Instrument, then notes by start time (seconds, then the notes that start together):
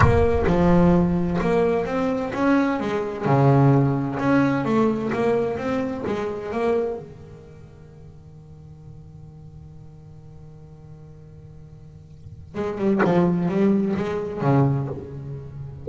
double bass
0.00 A#3
0.46 F3
1.41 A#3
1.85 C4
2.33 C#4
2.79 G#3
3.25 C#3
4.19 C#4
4.64 A3
5.12 A#3
5.57 C4
6.06 G#3
6.51 A#3
6.98 D#3
12.55 G#3
12.77 G3
13.04 F3
13.48 G3
13.96 G#3
14.41 C#3